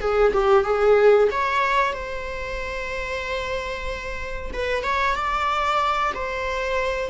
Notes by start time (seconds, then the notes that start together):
0.00 G#4
0.33 G4
0.64 G#4
1.31 C#5
1.93 C5
4.53 B4
4.83 C#5
5.15 D5
6.14 C5